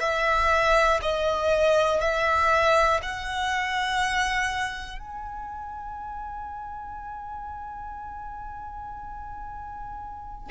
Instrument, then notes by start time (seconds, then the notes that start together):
violin
0.00 E5
1.01 D#5
2.00 E5
3.02 F#5
4.98 G#5